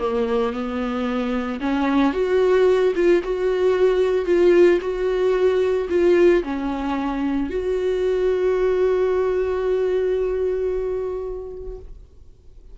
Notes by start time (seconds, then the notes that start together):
0.00 A#3
0.53 B3
1.60 C#4
2.14 F#4
2.96 F4
3.24 F#4
4.26 F4
4.81 F#4
5.90 F4
6.44 C#4
7.50 F#4